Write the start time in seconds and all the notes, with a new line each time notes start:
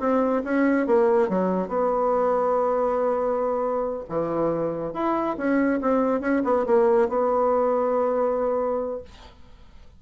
0.00 C4
0.44 C#4
0.87 A#3
1.29 F#3
1.69 B3
4.09 E3
4.93 E4
5.38 C#4
5.81 C4
6.21 C#4
6.44 B3
6.66 A#3
7.09 B3